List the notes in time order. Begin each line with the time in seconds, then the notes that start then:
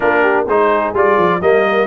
0.00 A#3 D4 F4 A#4
0.22 G4
0.46 G#3 D#4 G#4 C5
0.93 G3 F4 D5
1.17 F3
1.41 G3 A#3 A#4 D#5